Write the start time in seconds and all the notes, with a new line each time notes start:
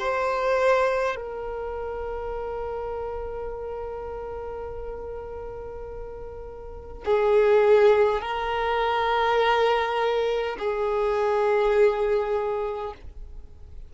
0.00 C5
1.16 A#4
7.05 G#4
8.22 A#4
10.59 G#4